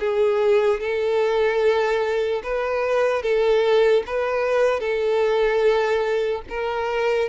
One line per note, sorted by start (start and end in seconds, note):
0.00 0.80 G#4
0.80 2.43 A4
2.44 3.23 B4
3.23 4.04 A4
4.07 4.80 B4
4.80 6.42 A4
6.50 7.29 A#4